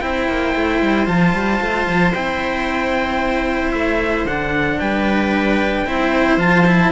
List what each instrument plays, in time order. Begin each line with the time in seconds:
0.00 cello C4 E4, viola C5, trumpet G5
0.28 cello A#3
0.55 cello A3
0.82 cello G3
1.06 cello F3 F4, trumpet A5
1.33 cello G3
1.61 cello A3
1.87 cello F3
2.14 cello C4 E4, trumpet G5
3.71 cello A3, trumpet E5
4.24 cello D3 D4, trumpet F#5
4.79 cello G3, viola B4, trumpet G5
5.85 cello C4 E4, viola C5
6.37 cello F3 F4, trumpet A5
6.66 cello E4